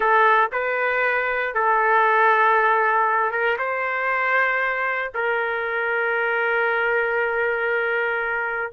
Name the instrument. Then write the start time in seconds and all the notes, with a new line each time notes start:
trumpet
0.00 A4
0.52 B4
1.54 A4
3.31 A#4
3.58 C5
5.14 A#4